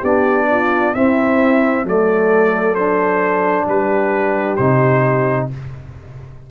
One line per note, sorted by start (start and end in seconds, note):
0.00 0.95 B3
0.00 0.95 D4
0.00 0.45 G4
0.00 0.95 D5
0.51 0.94 F4
0.94 1.85 C4
0.94 1.86 C4
0.94 1.85 E4
0.94 1.86 E5
1.85 3.66 F#3
1.85 2.76 A3
1.85 3.67 A4
1.85 2.75 D5
2.75 4.58 D4
2.75 3.66 C5
3.67 4.59 G3
3.67 5.49 G4
3.67 4.56 B4
4.56 5.50 C3
4.56 5.51 D#4
4.56 5.47 C5